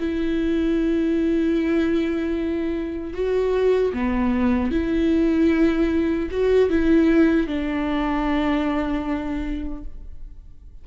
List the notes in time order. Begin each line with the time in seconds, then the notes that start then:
0.00 E4
3.14 F#4
3.94 B3
4.72 E4
6.31 F#4
6.70 E4
7.47 D4